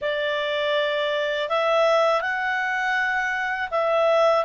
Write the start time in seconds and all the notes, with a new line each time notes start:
0.01 D5
1.49 E5
2.21 F#5
3.70 E5